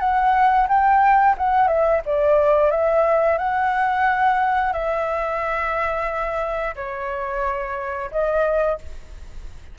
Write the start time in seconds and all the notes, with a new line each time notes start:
0.00 F#5
0.69 G5
1.38 F#5
1.68 E5
2.06 D5
2.71 E5
3.39 F#5
4.73 E5
6.76 C#5
8.12 D#5